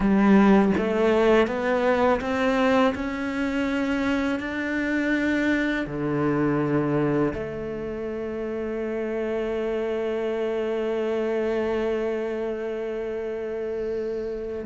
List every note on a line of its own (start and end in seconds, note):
0.00 0.72 G3
0.77 1.47 A3
1.47 2.20 B3
2.20 2.93 C4
2.94 4.39 C#4
4.39 5.86 D4
5.86 7.33 D3
7.33 14.65 A3